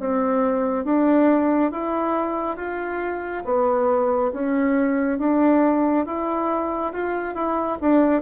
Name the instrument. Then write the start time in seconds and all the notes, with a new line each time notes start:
bassoon
0.00 C4
0.85 D4
1.72 E4
2.57 F4
3.45 B3
4.33 C#4
5.19 D4
6.06 E4
6.93 F4
7.35 E4
7.81 D4